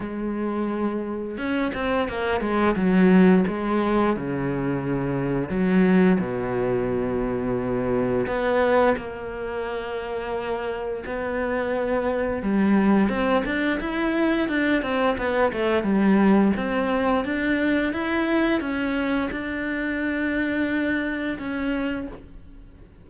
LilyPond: \new Staff \with { instrumentName = "cello" } { \time 4/4 \tempo 4 = 87 gis2 cis'8 c'8 ais8 gis8 | fis4 gis4 cis2 | fis4 b,2. | b4 ais2. |
b2 g4 c'8 d'8 | e'4 d'8 c'8 b8 a8 g4 | c'4 d'4 e'4 cis'4 | d'2. cis'4 | }